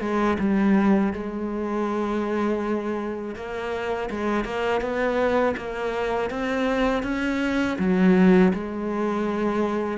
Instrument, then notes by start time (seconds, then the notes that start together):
cello
0.00 G#3
0.39 G3
1.13 G#3
3.35 A#3
4.10 G#3
4.44 A#3
4.80 B3
5.56 A#3
6.30 C4
7.03 C#4
7.78 F#3
8.53 G#3